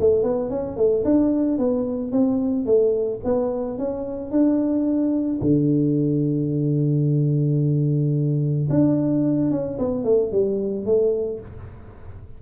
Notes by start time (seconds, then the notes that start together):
0.00 A3
0.23 B3
0.50 C#4
0.77 A3
1.05 D4
1.59 B3
2.12 C4
2.66 A3
3.25 B3
3.79 C#4
4.31 D4
5.41 D3
8.70 D4
9.51 C#4
9.79 B3
10.05 A3
10.32 G3
10.86 A3